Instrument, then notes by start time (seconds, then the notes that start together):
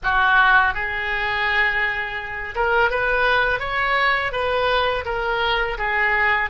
oboe
0.03 F#4
0.74 G#4
2.55 A#4
2.90 B4
3.59 C#5
4.32 B4
5.05 A#4
5.78 G#4